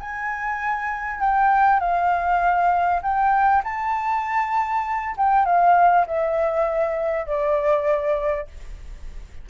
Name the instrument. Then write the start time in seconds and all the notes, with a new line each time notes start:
flute
0.00 G#5
1.20 G5
1.80 F5
3.02 G5
3.63 A5
5.17 G5
5.45 F5
6.06 E5
7.26 D5